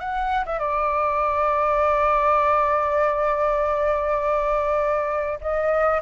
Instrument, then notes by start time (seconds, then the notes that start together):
flute
0.00 F#5
0.46 E5
0.59 D5
5.41 D#5